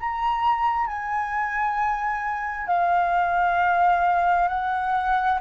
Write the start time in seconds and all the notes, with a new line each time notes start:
0.00 A#5
0.87 G#5
2.67 F5
4.48 F#5